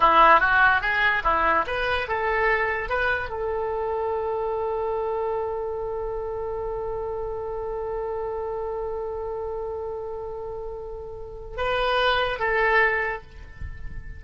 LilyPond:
\new Staff \with { instrumentName = "oboe" } { \time 4/4 \tempo 4 = 145 e'4 fis'4 gis'4 e'4 | b'4 a'2 b'4 | a'1~ | a'1~ |
a'1~ | a'1~ | a'1 | b'2 a'2 | }